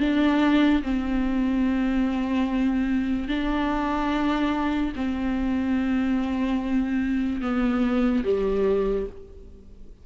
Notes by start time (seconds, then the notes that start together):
0.00 D4
0.83 C4
3.28 D4
4.96 C4
7.42 B3
8.24 G3